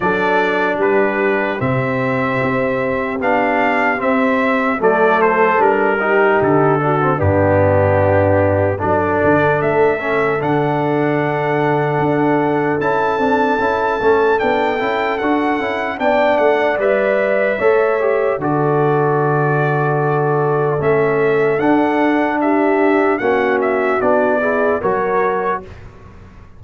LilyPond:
<<
  \new Staff \with { instrumentName = "trumpet" } { \time 4/4 \tempo 4 = 75 d''4 b'4 e''2 | f''4 e''4 d''8 c''8 ais'4 | a'4 g'2 d''4 | e''4 fis''2. |
a''2 g''4 fis''4 | g''8 fis''8 e''2 d''4~ | d''2 e''4 fis''4 | e''4 fis''8 e''8 d''4 cis''4 | }
  \new Staff \with { instrumentName = "horn" } { \time 4/4 a'4 g'2.~ | g'2 a'4. g'8~ | g'8 fis'8 d'2 a'4~ | a'1~ |
a'1 | d''2 cis''4 a'4~ | a'1 | g'4 fis'4. gis'8 ais'4 | }
  \new Staff \with { instrumentName = "trombone" } { \time 4/4 d'2 c'2 | d'4 c'4 a4 d'8 dis'8~ | dis'8 d'16 c'16 b2 d'4~ | d'8 cis'8 d'2. |
e'8 d'8 e'8 cis'8 d'8 e'8 fis'8 e'8 | d'4 b'4 a'8 g'8 fis'4~ | fis'2 cis'4 d'4~ | d'4 cis'4 d'8 e'8 fis'4 | }
  \new Staff \with { instrumentName = "tuba" } { \time 4/4 fis4 g4 c4 c'4 | b4 c'4 fis4 g4 | d4 g,2 fis8 d8 | a4 d2 d'4 |
cis'8 c'8 cis'8 a8 b8 cis'8 d'8 cis'8 | b8 a8 g4 a4 d4~ | d2 a4 d'4~ | d'4 ais4 b4 fis4 | }
>>